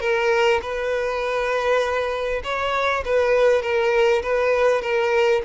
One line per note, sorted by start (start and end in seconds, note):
0.00 0.60 A#4
0.62 2.42 B4
2.44 3.04 C#5
3.05 3.62 B4
3.62 4.22 A#4
4.23 4.82 B4
4.82 5.42 A#4